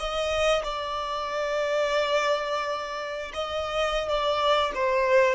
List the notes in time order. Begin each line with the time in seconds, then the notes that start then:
0.00 D#5
0.64 D5
3.34 D#5
4.09 D5
4.75 C5